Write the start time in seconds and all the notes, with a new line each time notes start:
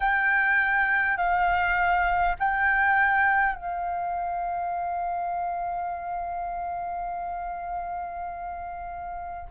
0.00 G5
1.17 F5
2.39 G5
3.55 F5